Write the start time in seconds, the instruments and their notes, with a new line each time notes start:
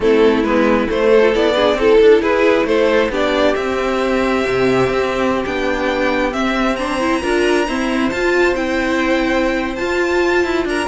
0.00 cello A3, viola C4, violin E4 A4
0.43 cello G#3, viola B3, violin B4
0.87 viola A3, cello A3, violin C5
1.10 violin A4
1.22 viola F4
1.34 cello B3, viola E4, violin D5
1.55 viola D4, violin G#4
1.74 cello C4, viola E4, violin A4
2.01 cello D4
2.21 cello E4, violin G#4 B4
2.64 cello A3, violin A4 C5
3.09 cello B3, viola D4, violin G4 D5
3.54 viola C4, cello C4, violin E5
4.47 cello C3
4.89 cello C4
5.45 cello B3, viola D4, violin G5
6.31 viola C4, cello C4, violin E5
6.76 viola D4, violin C5 A#5
6.99 viola E4
7.22 cello D4, viola F4, violin A#4
7.66 viola C4, cello E4, violin C5
8.09 viola F4, cello F4, violin A5
8.55 cello C4, viola E4, violin G5
9.75 viola F4, cello F4, violin A5
10.44 cello E4
10.65 cello D4, violin A#4 A#5